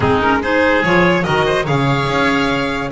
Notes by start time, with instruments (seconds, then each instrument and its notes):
0.00 double bass G#3, clarinet C4, oboe D#4, violin G#4
0.20 clarinet C#4, violin A#4
0.42 clarinet D#4, oboe G#4, violin C5
0.82 double bass F3, clarinet F4, violin C#5
1.23 double bass D#3, clarinet F#4, oboe A#4, violin D#5
1.46 oboe C5
1.64 double bass C#3, clarinet G#4, oboe C#5, violin F5
2.07 double bass C#4